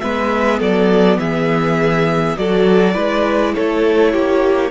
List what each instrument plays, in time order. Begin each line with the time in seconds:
0.00 cello G#3, viola B3, violin B4 E5
0.59 cello F#3, violin A4 D5
1.18 cello E3, violin G#4 E5
2.37 cello F#3, viola F#4, violin A4 D5
2.94 cello G#3, viola E4, violin B4
3.55 cello A3, violin A4 C#5
4.12 cello A#3, violin G4